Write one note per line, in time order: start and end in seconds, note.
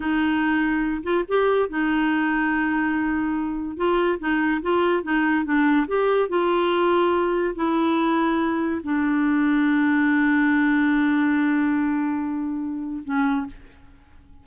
0.00 1.02 D#4
1.03 1.24 F4
1.27 1.69 G4
1.69 3.76 D#4
3.76 4.18 F4
4.19 4.61 D#4
4.62 5.03 F4
5.03 5.44 D#4
5.44 5.86 D4
5.87 6.28 G4
6.28 7.54 F4
7.55 8.81 E4
8.83 13.03 D4
13.04 13.46 C#4